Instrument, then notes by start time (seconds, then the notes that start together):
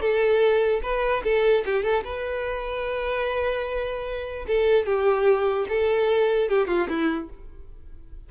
violin
0.00 A4
0.82 B4
1.23 A4
1.65 G4
1.83 A4
2.04 B4
4.47 A4
4.85 G4
5.68 A4
6.49 G4
6.67 F4
6.88 E4